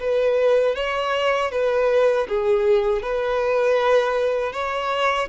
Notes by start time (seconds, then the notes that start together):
0.00 B4
0.76 C#5
1.52 B4
2.29 G#4
3.02 B4
4.53 C#5